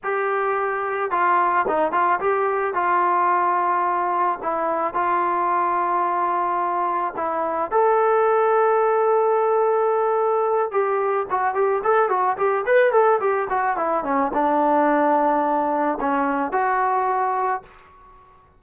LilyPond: \new Staff \with { instrumentName = "trombone" } { \time 4/4 \tempo 4 = 109 g'2 f'4 dis'8 f'8 | g'4 f'2. | e'4 f'2.~ | f'4 e'4 a'2~ |
a'2.~ a'8 g'8~ | g'8 fis'8 g'8 a'8 fis'8 g'8 b'8 a'8 | g'8 fis'8 e'8 cis'8 d'2~ | d'4 cis'4 fis'2 | }